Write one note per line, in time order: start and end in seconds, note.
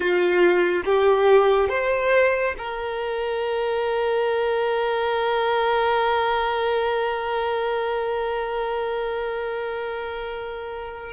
0.00 0.82 F4
0.85 1.69 G4
1.69 2.54 C5
2.58 11.12 A#4